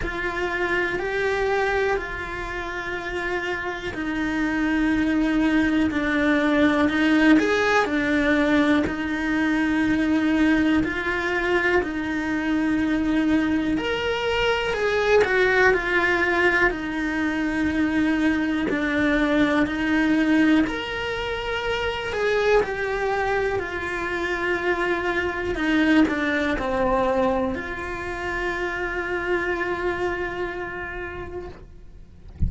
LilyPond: \new Staff \with { instrumentName = "cello" } { \time 4/4 \tempo 4 = 61 f'4 g'4 f'2 | dis'2 d'4 dis'8 gis'8 | d'4 dis'2 f'4 | dis'2 ais'4 gis'8 fis'8 |
f'4 dis'2 d'4 | dis'4 ais'4. gis'8 g'4 | f'2 dis'8 d'8 c'4 | f'1 | }